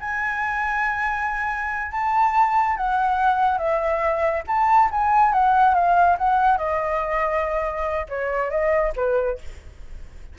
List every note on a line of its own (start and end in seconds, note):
0.00 1.91 G#5
1.91 2.76 A5
2.76 3.58 F#5
3.58 4.43 E5
4.47 4.90 A5
4.91 5.33 G#5
5.33 5.74 F#5
5.74 6.17 F5
6.18 6.57 F#5
6.57 8.06 D#5
8.09 8.50 C#5
8.50 8.93 D#5
8.96 9.38 B4